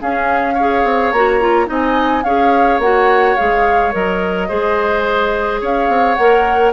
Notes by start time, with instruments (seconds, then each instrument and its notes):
0.00 clarinet C#4, bassoon C#4, oboe G#4, flute F5
0.54 clarinet G#4, oboe C#5
0.84 bassoon C4
1.12 bassoon A#3, clarinet F#4, flute A#5
1.41 clarinet F4
1.66 bassoon C4, clarinet D#4, oboe D#5
1.73 flute G#5
2.24 bassoon C#4, clarinet G#4, oboe C#5, flute F5
2.79 bassoon A#3, clarinet F#4, flute F#5
3.37 bassoon G#3, clarinet G#4, flute F5
3.92 bassoon F#3, clarinet A#4, flute D#5
4.49 bassoon G#3, clarinet G#4, oboe C5
5.61 bassoon C#4, oboe C#5, flute F5
5.89 bassoon C4
6.15 bassoon A#3, clarinet A#4, flute F#5